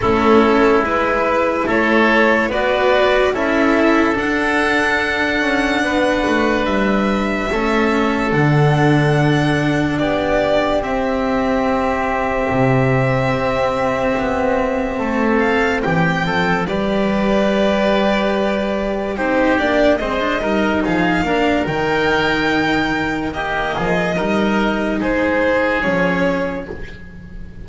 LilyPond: <<
  \new Staff \with { instrumentName = "violin" } { \time 4/4 \tempo 4 = 72 a'4 b'4 cis''4 d''4 | e''4 fis''2. | e''2 fis''2 | d''4 e''2.~ |
e''2~ e''8 f''8 g''4 | d''2. c''8 d''8 | dis''4 f''4 g''2 | dis''2 c''4 cis''4 | }
  \new Staff \with { instrumentName = "oboe" } { \time 4/4 e'2 a'4 b'4 | a'2. b'4~ | b'4 a'2. | g'1~ |
g'2 a'4 g'8 a'8 | b'2. g'4 | c''8 ais'8 gis'8 ais'2~ ais'8 | g'8 gis'8 ais'4 gis'2 | }
  \new Staff \with { instrumentName = "cello" } { \time 4/4 cis'4 e'2 fis'4 | e'4 d'2.~ | d'4 cis'4 d'2~ | d'4 c'2.~ |
c'1 | g'2. dis'8 d'8 | c'16 d'16 dis'4 d'8 dis'2 | ais4 dis'2 cis'4 | }
  \new Staff \with { instrumentName = "double bass" } { \time 4/4 a4 gis4 a4 b4 | cis'4 d'4. cis'8 b8 a8 | g4 a4 d2 | b4 c'2 c4 |
c'4 b4 a4 e8 f8 | g2. c'8 ais8 | gis8 g8 f8 ais8 dis2~ | dis8 f8 g4 gis4 f4 | }
>>